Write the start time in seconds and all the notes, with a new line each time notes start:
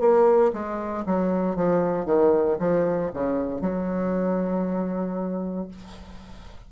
0.00 A#3
0.53 G#3
1.06 F#3
1.56 F3
2.05 D#3
2.60 F3
3.14 C#3
3.61 F#3